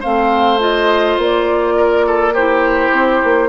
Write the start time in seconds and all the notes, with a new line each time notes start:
0.00 A3 C4 C5 F5
0.60 F4 D#5
1.18 A#3 D5
1.77 A#4
2.07 A4
2.34 E4 G4 C5
2.92 C4
3.24 A#3